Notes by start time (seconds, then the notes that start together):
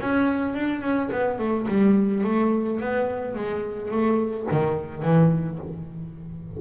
0.00 C#4
0.54 D4
0.81 C#4
1.12 B3
1.38 A3
1.68 G3
2.24 A3
2.80 B3
3.35 G#3
3.90 A3
4.51 D#3
5.02 E3